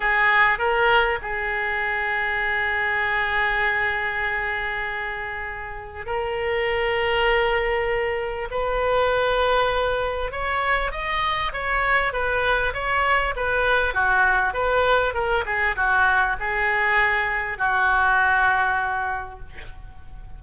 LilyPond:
\new Staff \with { instrumentName = "oboe" } { \time 4/4 \tempo 4 = 99 gis'4 ais'4 gis'2~ | gis'1~ | gis'2 ais'2~ | ais'2 b'2~ |
b'4 cis''4 dis''4 cis''4 | b'4 cis''4 b'4 fis'4 | b'4 ais'8 gis'8 fis'4 gis'4~ | gis'4 fis'2. | }